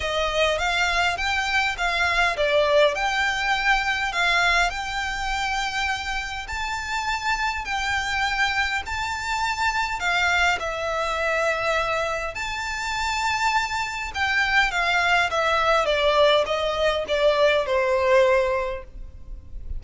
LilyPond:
\new Staff \with { instrumentName = "violin" } { \time 4/4 \tempo 4 = 102 dis''4 f''4 g''4 f''4 | d''4 g''2 f''4 | g''2. a''4~ | a''4 g''2 a''4~ |
a''4 f''4 e''2~ | e''4 a''2. | g''4 f''4 e''4 d''4 | dis''4 d''4 c''2 | }